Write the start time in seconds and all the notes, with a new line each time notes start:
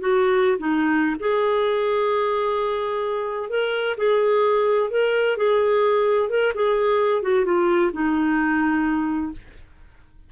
0.00 F#4
0.58 D#4
1.20 G#4
3.50 A#4
3.97 G#4
4.90 A#4
5.37 G#4
6.30 A#4
6.55 G#4
7.22 F#4
7.45 F4
7.93 D#4